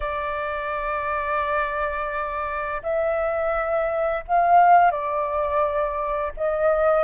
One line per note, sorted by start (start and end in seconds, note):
0.00 2.81 D5
2.82 4.24 E5
4.27 4.91 F5
4.91 6.32 D5
6.36 7.04 D#5